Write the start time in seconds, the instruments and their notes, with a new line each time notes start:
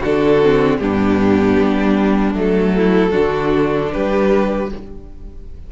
0.00 cello D3, viola D4, violin F#4 A4
0.43 viola C4
0.79 cello G2, viola B3, violin D4 G4
1.60 cello G3
2.35 cello F#3, viola A3, violin A4
2.77 violin E4
3.11 viola D4, violin F#4
3.17 cello D3
3.93 cello G3, violin G4 B4